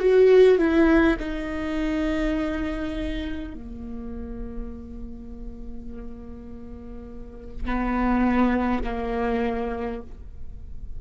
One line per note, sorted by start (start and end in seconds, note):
0.00 0.59 F#4
0.59 1.18 E4
1.19 3.55 D#4
3.55 7.66 A#3
7.66 8.83 B3
8.84 10.02 A#3